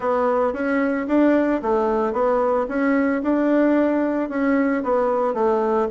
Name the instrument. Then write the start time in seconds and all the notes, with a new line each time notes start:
bassoon
0.00 B3
0.53 C#4
1.07 D4
1.61 A3
2.12 B3
2.68 C#4
3.23 D4
4.29 C#4
4.83 B3
5.34 A3